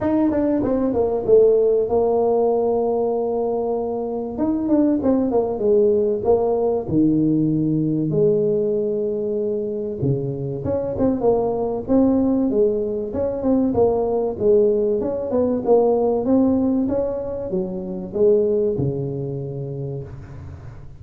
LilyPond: \new Staff \with { instrumentName = "tuba" } { \time 4/4 \tempo 4 = 96 dis'8 d'8 c'8 ais8 a4 ais4~ | ais2. dis'8 d'8 | c'8 ais8 gis4 ais4 dis4~ | dis4 gis2. |
cis4 cis'8 c'8 ais4 c'4 | gis4 cis'8 c'8 ais4 gis4 | cis'8 b8 ais4 c'4 cis'4 | fis4 gis4 cis2 | }